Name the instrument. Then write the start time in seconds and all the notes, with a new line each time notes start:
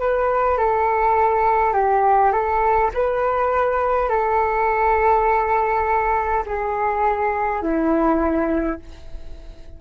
flute
0.00 B4
0.58 A4
1.73 G4
2.32 A4
2.94 B4
4.09 A4
6.46 G#4
7.62 E4